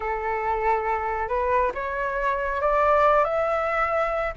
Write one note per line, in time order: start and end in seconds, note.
0.00 1.28 A4
1.28 1.72 B4
1.74 2.61 C#5
2.61 3.24 D5
3.24 4.33 E5